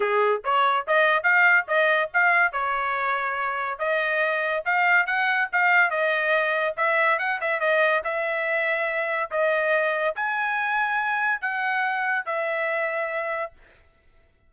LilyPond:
\new Staff \with { instrumentName = "trumpet" } { \time 4/4 \tempo 4 = 142 gis'4 cis''4 dis''4 f''4 | dis''4 f''4 cis''2~ | cis''4 dis''2 f''4 | fis''4 f''4 dis''2 |
e''4 fis''8 e''8 dis''4 e''4~ | e''2 dis''2 | gis''2. fis''4~ | fis''4 e''2. | }